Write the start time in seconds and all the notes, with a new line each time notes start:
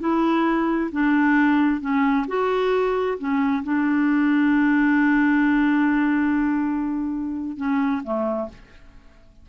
0.00 E4
0.92 D4
1.81 C#4
2.28 F#4
3.18 C#4
3.63 D4
7.57 C#4
8.04 A3